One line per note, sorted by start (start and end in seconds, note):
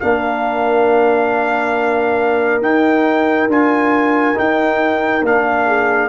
0.00 2.61 A#3
0.00 2.62 D4
0.00 5.66 A#4
0.00 2.61 F5
2.61 3.47 D#4
2.61 3.49 D#4
2.61 3.49 G5
3.47 4.34 D4
3.47 4.35 F4
3.47 4.38 G#5
4.35 5.22 D#4
4.35 5.25 G5
5.22 6.09 A#3
5.22 6.09 D4
5.22 6.09 F5
5.66 6.09 G#4